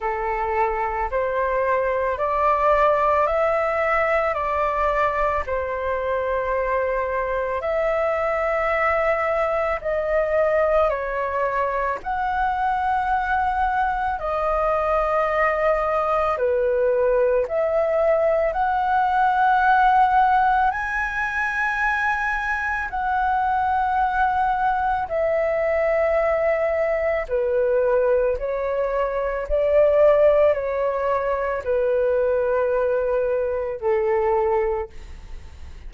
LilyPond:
\new Staff \with { instrumentName = "flute" } { \time 4/4 \tempo 4 = 55 a'4 c''4 d''4 e''4 | d''4 c''2 e''4~ | e''4 dis''4 cis''4 fis''4~ | fis''4 dis''2 b'4 |
e''4 fis''2 gis''4~ | gis''4 fis''2 e''4~ | e''4 b'4 cis''4 d''4 | cis''4 b'2 a'4 | }